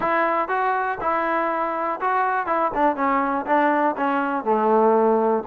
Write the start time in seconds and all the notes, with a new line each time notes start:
0.00 E4
0.48 F#4
1.00 E4
2.00 F#4
2.46 E4
2.74 D4
2.96 C#4
3.46 D4
3.96 C#4
4.44 A3